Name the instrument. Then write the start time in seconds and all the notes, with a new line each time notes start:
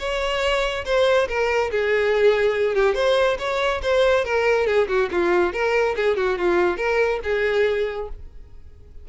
violin
0.00 C#5
0.85 C5
1.29 A#4
1.72 G#4
2.75 G4
2.95 C5
3.39 C#5
3.82 C5
4.25 A#4
4.67 G#4
4.88 F#4
5.12 F4
5.53 A#4
5.97 G#4
6.17 F#4
6.38 F4
6.78 A#4
7.24 G#4